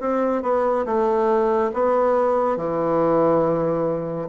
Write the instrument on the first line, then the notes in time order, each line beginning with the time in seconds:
bassoon
0.00 C4
0.43 B3
0.86 A3
1.74 B3
2.57 E3